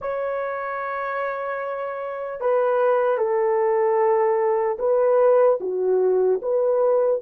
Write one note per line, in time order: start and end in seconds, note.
0.01 2.40 C#5
2.40 3.17 B4
3.17 4.77 A4
4.79 5.59 B4
5.60 6.40 F#4
6.42 7.21 B4